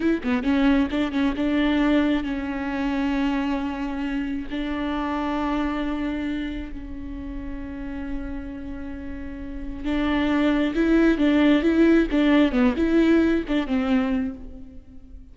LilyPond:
\new Staff \with { instrumentName = "viola" } { \time 4/4 \tempo 4 = 134 e'8 b8 cis'4 d'8 cis'8 d'4~ | d'4 cis'2.~ | cis'2 d'2~ | d'2. cis'4~ |
cis'1~ | cis'2 d'2 | e'4 d'4 e'4 d'4 | b8 e'4. d'8 c'4. | }